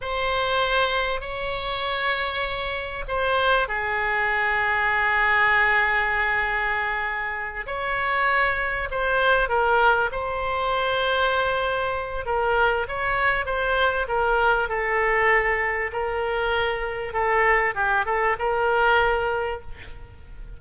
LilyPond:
\new Staff \with { instrumentName = "oboe" } { \time 4/4 \tempo 4 = 98 c''2 cis''2~ | cis''4 c''4 gis'2~ | gis'1~ | gis'8 cis''2 c''4 ais'8~ |
ais'8 c''2.~ c''8 | ais'4 cis''4 c''4 ais'4 | a'2 ais'2 | a'4 g'8 a'8 ais'2 | }